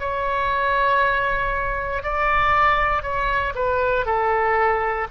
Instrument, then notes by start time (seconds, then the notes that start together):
oboe
0.00 C#5
2.03 D5
3.03 C#5
3.55 B4
4.06 A4